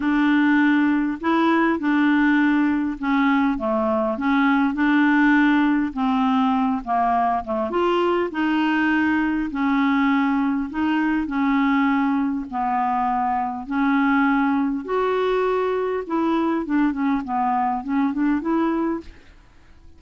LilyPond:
\new Staff \with { instrumentName = "clarinet" } { \time 4/4 \tempo 4 = 101 d'2 e'4 d'4~ | d'4 cis'4 a4 cis'4 | d'2 c'4. ais8~ | ais8 a8 f'4 dis'2 |
cis'2 dis'4 cis'4~ | cis'4 b2 cis'4~ | cis'4 fis'2 e'4 | d'8 cis'8 b4 cis'8 d'8 e'4 | }